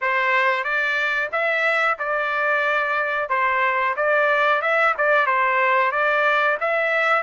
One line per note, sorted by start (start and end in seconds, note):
0.01 0.64 C5
0.64 1.29 D5
1.32 1.98 E5
1.98 3.29 D5
3.29 3.95 C5
3.96 4.61 D5
4.61 4.94 E5
4.97 5.26 D5
5.26 5.91 C5
5.91 6.57 D5
6.60 7.22 E5